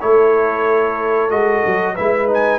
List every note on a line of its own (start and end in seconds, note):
0.00 1.30 A3
0.00 1.29 E4
0.00 1.94 A4
0.00 1.30 C#5
1.29 1.62 G#3
1.29 1.95 F#4
1.29 1.95 D#5
1.65 1.98 F#3
1.94 2.59 G#3
1.94 2.27 E4
1.94 2.59 B4
1.94 2.28 E5
2.27 2.59 D#4
2.33 2.59 G#5